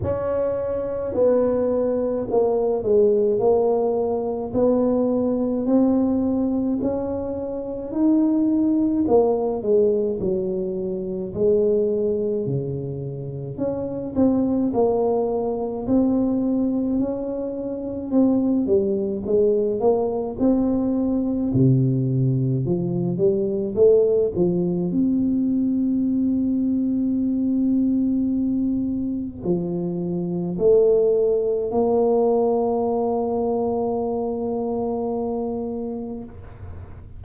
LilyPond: \new Staff \with { instrumentName = "tuba" } { \time 4/4 \tempo 4 = 53 cis'4 b4 ais8 gis8 ais4 | b4 c'4 cis'4 dis'4 | ais8 gis8 fis4 gis4 cis4 | cis'8 c'8 ais4 c'4 cis'4 |
c'8 g8 gis8 ais8 c'4 c4 | f8 g8 a8 f8 c'2~ | c'2 f4 a4 | ais1 | }